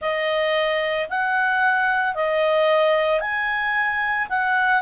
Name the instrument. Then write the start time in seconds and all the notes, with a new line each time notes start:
clarinet
0.01 D#5
1.09 F#5
2.14 D#5
3.20 G#5
4.29 F#5